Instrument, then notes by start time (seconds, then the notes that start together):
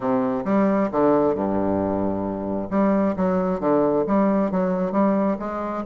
bassoon
0.00 C3
0.44 G3
0.91 D3
1.34 G2
2.70 G3
3.16 F#3
3.60 D3
4.06 G3
4.51 F#3
4.92 G3
5.39 G#3